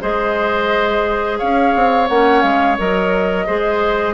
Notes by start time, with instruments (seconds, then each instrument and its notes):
0.00 bassoon G#3, clarinet G#4, oboe C5, flute D#5
1.38 bassoon C#4, oboe C#5, flute F5
1.75 bassoon C4
2.08 bassoon A#3, clarinet C#4, flute F#5
2.41 bassoon G#3, flute F5
2.78 bassoon F#3, clarinet A#4, flute D#5
3.47 bassoon G#3, clarinet G#4, oboe C5